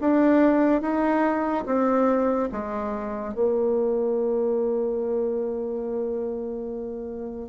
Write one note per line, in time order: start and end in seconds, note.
0.00 0.81 D4
0.81 1.64 D#4
1.65 2.48 C4
2.51 3.34 G#3
3.34 7.49 A#3